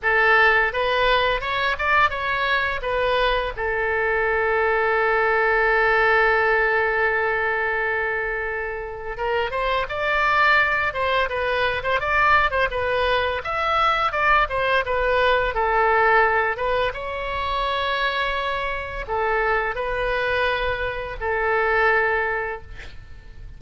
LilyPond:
\new Staff \with { instrumentName = "oboe" } { \time 4/4 \tempo 4 = 85 a'4 b'4 cis''8 d''8 cis''4 | b'4 a'2.~ | a'1~ | a'4 ais'8 c''8 d''4. c''8 |
b'8. c''16 d''8. c''16 b'4 e''4 | d''8 c''8 b'4 a'4. b'8 | cis''2. a'4 | b'2 a'2 | }